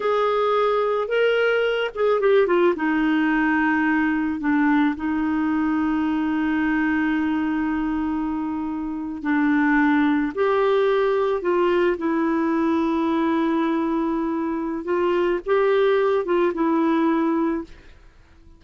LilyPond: \new Staff \with { instrumentName = "clarinet" } { \time 4/4 \tempo 4 = 109 gis'2 ais'4. gis'8 | g'8 f'8 dis'2. | d'4 dis'2.~ | dis'1~ |
dis'8. d'2 g'4~ g'16~ | g'8. f'4 e'2~ e'16~ | e'2. f'4 | g'4. f'8 e'2 | }